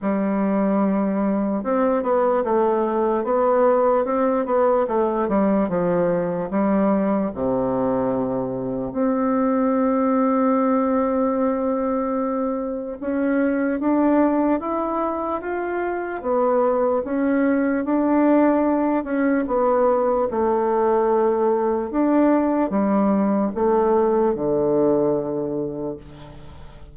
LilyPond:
\new Staff \with { instrumentName = "bassoon" } { \time 4/4 \tempo 4 = 74 g2 c'8 b8 a4 | b4 c'8 b8 a8 g8 f4 | g4 c2 c'4~ | c'1 |
cis'4 d'4 e'4 f'4 | b4 cis'4 d'4. cis'8 | b4 a2 d'4 | g4 a4 d2 | }